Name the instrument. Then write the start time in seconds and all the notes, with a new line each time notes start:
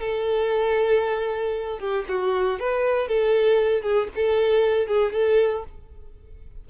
violin
0.00 A4
1.79 G4
2.08 F#4
2.59 B4
3.07 A4
3.82 G#4
4.15 A4
4.87 G#4
5.13 A4